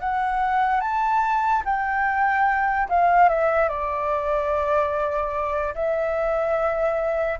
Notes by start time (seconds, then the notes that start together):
0.00 F#5
0.81 A5
1.65 G5
2.89 F5
3.29 E5
3.69 D5
5.75 E5